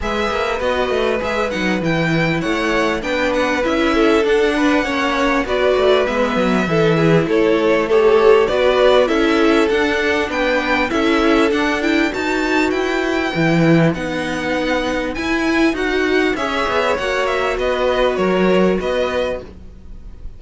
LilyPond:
<<
  \new Staff \with { instrumentName = "violin" } { \time 4/4 \tempo 4 = 99 e''4 dis''4 e''8 fis''8 g''4 | fis''4 g''8 fis''8 e''4 fis''4~ | fis''4 d''4 e''2 | cis''4 a'4 d''4 e''4 |
fis''4 g''4 e''4 fis''8 g''8 | a''4 g''2 fis''4~ | fis''4 gis''4 fis''4 e''4 | fis''8 e''8 dis''4 cis''4 dis''4 | }
  \new Staff \with { instrumentName = "violin" } { \time 4/4 b'1 | cis''4 b'4. a'4 b'8 | cis''4 b'2 a'8 gis'8 | a'4 cis''4 b'4 a'4~ |
a'4 b'4 a'2 | b'1~ | b'2. cis''4~ | cis''4 b'4 ais'4 b'4 | }
  \new Staff \with { instrumentName = "viola" } { \time 4/4 gis'4 fis'4 gis'8 dis'8 e'4~ | e'4 d'4 e'4 d'4 | cis'4 fis'4 b4 e'4~ | e'4 g'4 fis'4 e'4 |
d'2 e'4 d'8 e'8 | fis'2 e'4 dis'4~ | dis'4 e'4 fis'4 gis'4 | fis'1 | }
  \new Staff \with { instrumentName = "cello" } { \time 4/4 gis8 ais8 b8 a8 gis8 fis8 e4 | a4 b4 cis'4 d'4 | ais4 b8 a8 gis8 fis8 e4 | a2 b4 cis'4 |
d'4 b4 cis'4 d'4 | dis'4 e'4 e4 b4~ | b4 e'4 dis'4 cis'8 b8 | ais4 b4 fis4 b4 | }
>>